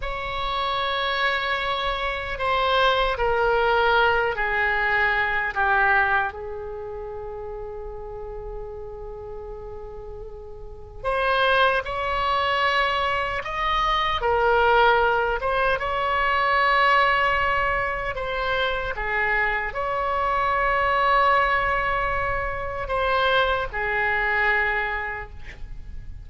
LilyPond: \new Staff \with { instrumentName = "oboe" } { \time 4/4 \tempo 4 = 76 cis''2. c''4 | ais'4. gis'4. g'4 | gis'1~ | gis'2 c''4 cis''4~ |
cis''4 dis''4 ais'4. c''8 | cis''2. c''4 | gis'4 cis''2.~ | cis''4 c''4 gis'2 | }